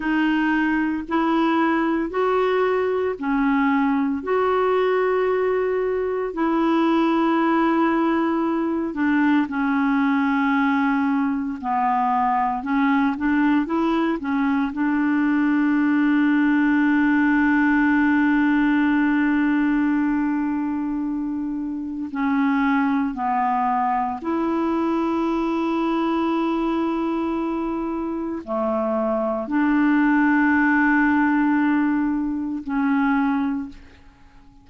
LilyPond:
\new Staff \with { instrumentName = "clarinet" } { \time 4/4 \tempo 4 = 57 dis'4 e'4 fis'4 cis'4 | fis'2 e'2~ | e'8 d'8 cis'2 b4 | cis'8 d'8 e'8 cis'8 d'2~ |
d'1~ | d'4 cis'4 b4 e'4~ | e'2. a4 | d'2. cis'4 | }